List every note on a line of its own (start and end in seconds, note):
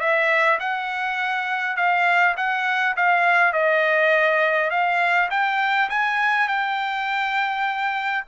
0.00 0.59 E5
0.60 1.76 F#5
1.76 2.35 F5
2.37 2.96 F#5
2.97 3.53 F5
3.53 4.70 D#5
4.70 5.29 F5
5.30 5.89 G5
5.90 6.48 G#5
6.48 8.24 G5